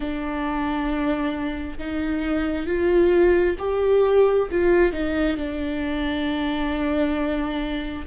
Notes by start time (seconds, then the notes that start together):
0.00 D4
1.78 D#4
2.66 F4
3.59 G4
4.51 F4
4.92 D#4
5.36 D4